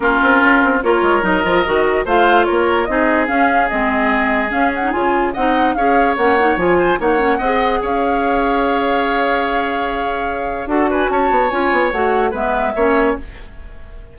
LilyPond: <<
  \new Staff \with { instrumentName = "flute" } { \time 4/4 \tempo 4 = 146 ais'2 cis''4 dis''4~ | dis''4 f''4 cis''4 dis''4 | f''4 dis''2 f''8 fis''8 | gis''4 fis''4 f''4 fis''4 |
gis''4 fis''2 f''4~ | f''1~ | f''2 fis''8 gis''8 a''4 | gis''4 fis''4 e''2 | }
  \new Staff \with { instrumentName = "oboe" } { \time 4/4 f'2 ais'2~ | ais'4 c''4 ais'4 gis'4~ | gis'1~ | gis'4 dis''4 cis''2~ |
cis''8 c''8 cis''4 dis''4 cis''4~ | cis''1~ | cis''2 a'8 b'8 cis''4~ | cis''2 b'4 cis''4 | }
  \new Staff \with { instrumentName = "clarinet" } { \time 4/4 cis'2 f'4 dis'8 f'8 | fis'4 f'2 dis'4 | cis'4 c'2 cis'8. dis'16 | f'4 dis'4 gis'4 cis'8 dis'8 |
f'4 dis'8 cis'8 gis'2~ | gis'1~ | gis'2 fis'2 | f'4 fis'4 b4 cis'4 | }
  \new Staff \with { instrumentName = "bassoon" } { \time 4/4 ais8 c'8 cis'8 c'8 ais8 gis8 fis8 f8 | dis4 a4 ais4 c'4 | cis'4 gis2 cis'4 | cis4 c'4 cis'4 ais4 |
f4 ais4 c'4 cis'4~ | cis'1~ | cis'2 d'4 cis'8 b8 | cis'8 b8 a4 gis4 ais4 | }
>>